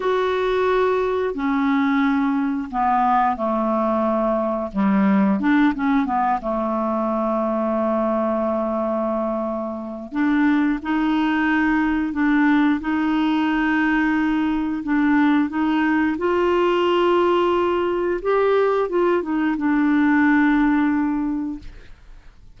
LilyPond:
\new Staff \with { instrumentName = "clarinet" } { \time 4/4 \tempo 4 = 89 fis'2 cis'2 | b4 a2 g4 | d'8 cis'8 b8 a2~ a8~ | a2. d'4 |
dis'2 d'4 dis'4~ | dis'2 d'4 dis'4 | f'2. g'4 | f'8 dis'8 d'2. | }